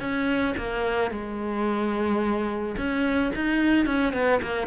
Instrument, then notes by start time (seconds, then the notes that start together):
cello
0.00 C#4
0.58 A#3
1.11 G#3
2.77 C#4
3.35 D#4
3.86 C#4
4.13 B3
4.42 A#3